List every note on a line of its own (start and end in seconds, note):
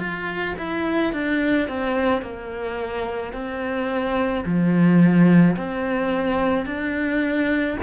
0.00 0.56 F4
0.59 1.13 E4
1.13 1.69 D4
1.69 2.22 C4
2.22 3.33 A#3
3.34 4.45 C4
4.45 5.57 F3
5.57 6.66 C4
6.66 7.77 D4